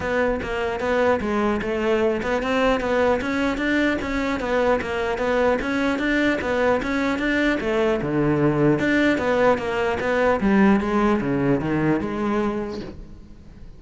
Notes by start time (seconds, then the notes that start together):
0.00 B3
0.42 A#3
0.80 B3
1.20 G#3
1.61 A3
2.22 B3
2.42 C4
2.80 B3
3.21 C#4
3.57 D4
4.01 C#4
4.40 B3
4.81 A#3
5.18 B3
5.61 C#4
5.98 D4
6.41 B3
6.82 C#4
7.18 D4
7.60 A3
8.01 D3
8.79 D4
9.18 B3
9.58 A#3
10.00 B3
10.40 G3
10.80 G#3
11.21 C#3
11.60 D#3
12.00 G#3